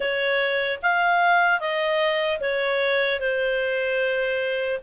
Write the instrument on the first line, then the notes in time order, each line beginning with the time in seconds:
clarinet
0.00 C#5
0.82 F5
1.60 D#5
2.40 C#5
3.20 C5